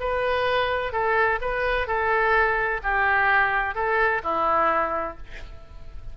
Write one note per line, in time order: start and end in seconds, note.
0.00 0.92 B4
0.92 1.39 A4
1.41 1.87 B4
1.87 2.81 A4
2.83 3.75 G4
3.75 4.22 A4
4.24 5.17 E4